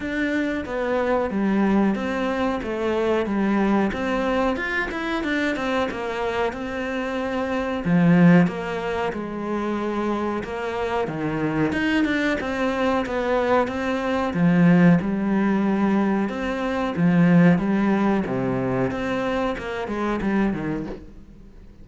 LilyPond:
\new Staff \with { instrumentName = "cello" } { \time 4/4 \tempo 4 = 92 d'4 b4 g4 c'4 | a4 g4 c'4 f'8 e'8 | d'8 c'8 ais4 c'2 | f4 ais4 gis2 |
ais4 dis4 dis'8 d'8 c'4 | b4 c'4 f4 g4~ | g4 c'4 f4 g4 | c4 c'4 ais8 gis8 g8 dis8 | }